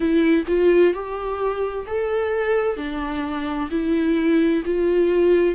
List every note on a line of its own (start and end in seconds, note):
0.00 0.44 E4
0.47 0.93 F4
0.93 1.85 G4
1.87 2.77 A4
2.77 3.69 D4
3.70 4.63 E4
4.65 5.55 F4